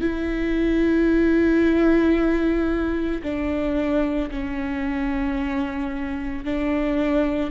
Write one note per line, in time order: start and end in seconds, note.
0.00 3.21 E4
3.22 4.30 D4
4.30 6.44 C#4
6.44 7.50 D4